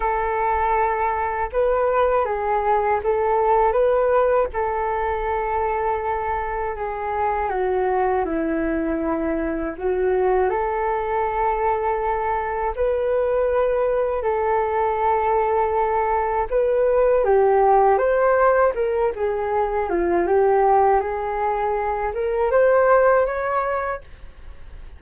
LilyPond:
\new Staff \with { instrumentName = "flute" } { \time 4/4 \tempo 4 = 80 a'2 b'4 gis'4 | a'4 b'4 a'2~ | a'4 gis'4 fis'4 e'4~ | e'4 fis'4 a'2~ |
a'4 b'2 a'4~ | a'2 b'4 g'4 | c''4 ais'8 gis'4 f'8 g'4 | gis'4. ais'8 c''4 cis''4 | }